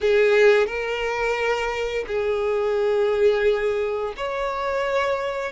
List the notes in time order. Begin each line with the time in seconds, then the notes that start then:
0.01 G#4
0.66 A#4
2.07 G#4
4.16 C#5